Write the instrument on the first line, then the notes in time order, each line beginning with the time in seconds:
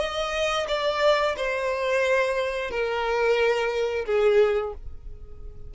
violin
0.00 D#5
0.68 D5
1.37 C5
2.71 A#4
4.06 G#4